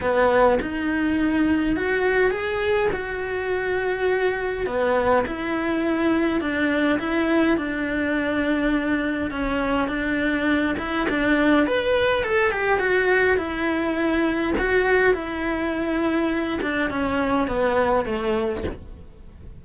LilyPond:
\new Staff \with { instrumentName = "cello" } { \time 4/4 \tempo 4 = 103 b4 dis'2 fis'4 | gis'4 fis'2. | b4 e'2 d'4 | e'4 d'2. |
cis'4 d'4. e'8 d'4 | b'4 a'8 g'8 fis'4 e'4~ | e'4 fis'4 e'2~ | e'8 d'8 cis'4 b4 a4 | }